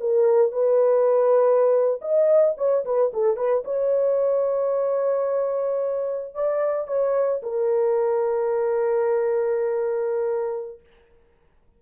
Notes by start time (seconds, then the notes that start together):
0.00 A#4
0.52 B4
2.01 D#5
2.57 C#5
2.85 B4
3.13 A4
3.36 B4
3.64 C#5
6.34 D5
6.87 C#5
7.42 A#4